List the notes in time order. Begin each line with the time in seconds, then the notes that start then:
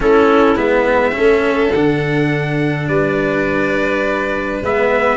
0.00 A3 C#4 E4 A4
0.56 G#3 B3 E5
1.11 A3 C#4 A4
1.72 D3 D4 F#5
2.87 G3 B4 D5
4.61 G#3 B3 E5